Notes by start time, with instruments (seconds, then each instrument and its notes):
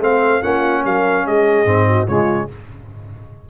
0.00 tuba A3, trombone C4, horn C5, trumpet F5
0.42 tuba A#3, trombone C#4, horn F4, trumpet F#5
0.85 tuba F#3, horn A#4, trumpet F5
1.26 tuba G#3, horn G#4, trumpet D#5
1.65 tuba G#2, trombone C4
1.87 horn F#4
2.07 tuba C#3, trombone G#3, horn F4, trumpet C#5